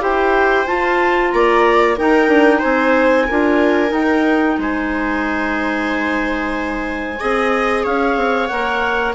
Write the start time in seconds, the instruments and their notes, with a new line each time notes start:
0.00 bassoon E4, clarinet G4 G5, viola C5
0.66 clarinet F4 A5, bassoon F4
1.31 bassoon A#3, viola D5, clarinet A#5
1.96 clarinet D#4 G5, bassoon D#4, viola A#4
2.28 bassoon D4
2.58 bassoon C4, viola C5, clarinet G#5
3.27 bassoon D4, clarinet F4, viola A#4
3.88 clarinet D#4 G5, bassoon D#4
4.58 bassoon G#3, viola C5, clarinet G#5
7.19 bassoon C4, clarinet G#4, viola D#5
7.83 bassoon C#4, viola C#5, clarinet F5
8.16 bassoon C4
8.47 bassoon A#3, clarinet A#4 F#5